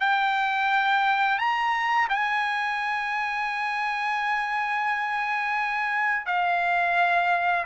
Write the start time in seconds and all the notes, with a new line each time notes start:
0.00 G5
1.38 A#5
2.09 G#5
6.26 F5